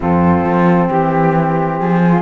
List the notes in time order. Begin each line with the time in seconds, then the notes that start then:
0.00 F2 C4 F4 A4
0.44 F3
0.88 E3 G4
1.79 F3 G#4
2.02 F4